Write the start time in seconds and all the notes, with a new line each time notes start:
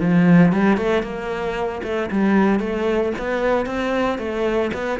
0.00 F3
0.52 G3
0.77 A3
1.02 A#3
1.83 A3
2.11 G3
2.60 A3
3.18 B3
3.66 C4
4.18 A3
4.73 B3